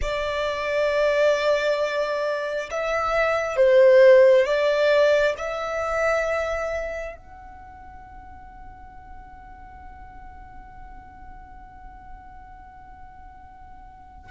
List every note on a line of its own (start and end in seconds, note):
0.01 2.70 D5
2.71 3.56 E5
3.56 4.45 C5
4.45 5.35 D5
5.37 7.16 E5
7.16 14.30 F#5